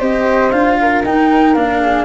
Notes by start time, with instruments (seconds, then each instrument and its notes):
0.00 tuba C4, cello G4, flute C5 D#5
0.52 tuba D4, cello F4, flute F5
0.81 flute A#4
1.05 tuba D#4, cello D#4, flute G5
1.55 tuba A#3, cello D4, flute F5
1.81 flute G#4